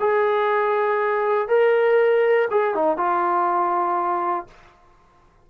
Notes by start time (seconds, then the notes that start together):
0.00 G#4
1.48 A#4
2.51 G#4
2.75 D#4
2.97 F4